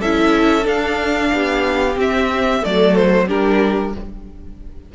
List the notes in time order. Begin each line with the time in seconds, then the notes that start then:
0.00 C#4 E4 A4 E5
0.63 D4 F5
1.33 B3 G4
1.97 C4 E5
2.62 F#3 A3 A4 D5
2.96 C5
3.28 G3 D4 G4 A#4